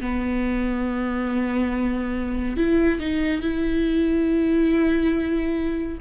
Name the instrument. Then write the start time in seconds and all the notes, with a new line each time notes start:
viola
0.00 B3
2.56 E4
3.00 D#4
3.41 E4